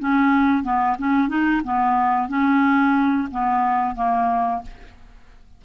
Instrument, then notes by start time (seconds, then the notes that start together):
clarinet
0.00 C#4
0.64 B3
0.99 C#4
1.29 D#4
1.65 B3
2.29 C#4
3.32 B3
3.96 A#3